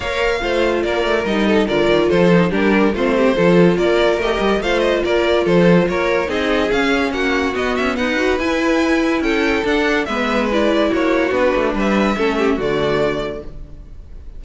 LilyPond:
<<
  \new Staff \with { instrumentName = "violin" } { \time 4/4 \tempo 4 = 143 f''2 d''4 dis''4 | d''4 c''4 ais'4 c''4~ | c''4 d''4 dis''4 f''8 dis''8 | d''4 c''4 cis''4 dis''4 |
f''4 fis''4 dis''8 e''8 fis''4 | gis''2 g''4 fis''4 | e''4 d''4 cis''4 b'4 | e''2 d''2 | }
  \new Staff \with { instrumentName = "violin" } { \time 4/4 cis''4 c''4 ais'4. a'8 | ais'4 a'4 g'4 f'8 g'8 | a'4 ais'2 c''4 | ais'4 a'4 ais'4 gis'4~ |
gis'4 fis'2 b'4~ | b'2 a'2 | b'2 fis'2 | b'4 a'8 g'8 fis'2 | }
  \new Staff \with { instrumentName = "viola" } { \time 4/4 ais'4 f'2 dis'4 | f'4. dis'8 d'4 c'4 | f'2 g'4 f'4~ | f'2. dis'4 |
cis'2 b4. fis'8 | e'2. d'4 | b4 e'2 d'4~ | d'4 cis'4 a2 | }
  \new Staff \with { instrumentName = "cello" } { \time 4/4 ais4 a4 ais8 a8 g4 | d8 dis8 f4 g4 a4 | f4 ais4 a8 g8 a4 | ais4 f4 ais4 c'4 |
cis'4 ais4 b8 cis'8 dis'4 | e'2 cis'4 d'4 | gis2 ais4 b8 a8 | g4 a4 d2 | }
>>